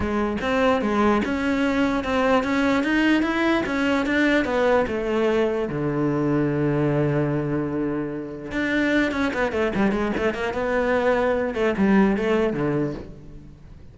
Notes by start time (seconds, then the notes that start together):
0.00 G#3
0.41 C4
0.81 G#3
1.24 C#4
2.04 C4
2.43 C#4
2.83 D#4
3.22 E4
3.65 C#4
4.05 D4
4.44 B3
4.87 A3
5.68 D3
8.51 D4
9.11 C#4
9.33 B3
9.51 A3
9.75 G3
9.91 G#3
10.17 A3
10.34 A#3
10.53 B3
11.54 A3
11.77 G3
12.17 A3
12.53 D3